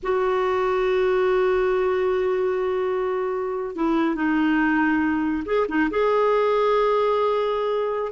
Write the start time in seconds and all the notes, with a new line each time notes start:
0.02 F#4
3.75 E4
4.15 D#4
5.45 G#4
5.68 D#4
5.90 G#4